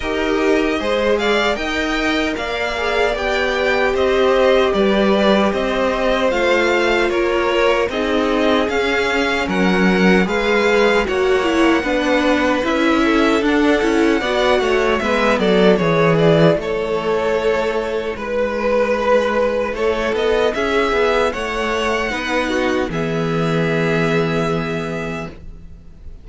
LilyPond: <<
  \new Staff \with { instrumentName = "violin" } { \time 4/4 \tempo 4 = 76 dis''4. f''8 g''4 f''4 | g''4 dis''4 d''4 dis''4 | f''4 cis''4 dis''4 f''4 | fis''4 f''4 fis''2 |
e''4 fis''2 e''8 d''8 | cis''8 d''8 cis''2 b'4~ | b'4 cis''8 dis''8 e''4 fis''4~ | fis''4 e''2. | }
  \new Staff \with { instrumentName = "violin" } { \time 4/4 ais'4 c''8 d''8 dis''4 d''4~ | d''4 c''4 b'4 c''4~ | c''4 ais'4 gis'2 | ais'4 b'4 cis''4 b'4~ |
b'8 a'4. d''8 cis''8 b'8 a'8 | gis'4 a'2 b'4~ | b'4 a'4 gis'4 cis''4 | b'8 fis'8 gis'2. | }
  \new Staff \with { instrumentName = "viola" } { \time 4/4 g'4 gis'4 ais'4. gis'8 | g'1 | f'2 dis'4 cis'4~ | cis'4 gis'4 fis'8 e'8 d'4 |
e'4 d'8 e'8 fis'4 b4 | e'1~ | e'1 | dis'4 b2. | }
  \new Staff \with { instrumentName = "cello" } { \time 4/4 dis'4 gis4 dis'4 ais4 | b4 c'4 g4 c'4 | a4 ais4 c'4 cis'4 | fis4 gis4 ais4 b4 |
cis'4 d'8 cis'8 b8 a8 gis8 fis8 | e4 a2 gis4~ | gis4 a8 b8 cis'8 b8 a4 | b4 e2. | }
>>